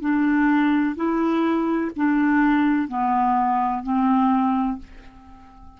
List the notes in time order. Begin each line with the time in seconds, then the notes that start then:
0.00 D4
0.96 E4
1.96 D4
2.88 B3
3.83 C4